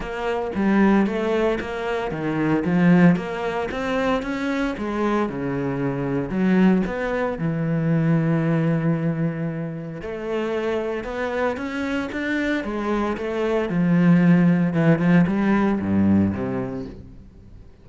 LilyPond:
\new Staff \with { instrumentName = "cello" } { \time 4/4 \tempo 4 = 114 ais4 g4 a4 ais4 | dis4 f4 ais4 c'4 | cis'4 gis4 cis2 | fis4 b4 e2~ |
e2. a4~ | a4 b4 cis'4 d'4 | gis4 a4 f2 | e8 f8 g4 g,4 c4 | }